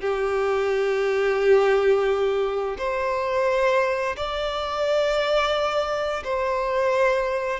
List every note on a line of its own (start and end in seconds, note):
0.00 2.76 G4
2.77 4.15 C5
4.16 6.23 D5
6.24 7.59 C5